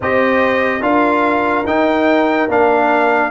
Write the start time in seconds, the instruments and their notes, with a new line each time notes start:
0.00 tuba C4, trombone G4, horn C5, trumpet D#5
0.81 tuba D4, trombone F4, horn A#4, trumpet F5
1.65 tuba D#4, trombone D#4, trumpet G5
2.48 tuba A#3, trombone D4, trumpet F5